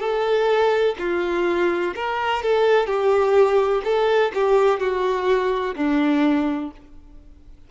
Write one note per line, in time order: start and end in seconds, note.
0.00 0.95 A4
0.99 1.94 F4
1.96 2.43 A#4
2.43 2.87 A4
2.87 3.82 G4
3.84 4.32 A4
4.35 4.80 G4
4.80 5.75 F#4
5.76 6.71 D4